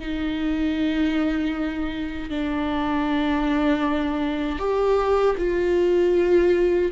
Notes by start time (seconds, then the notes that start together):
0.00 D#4
2.30 D4
4.59 G4
5.38 F4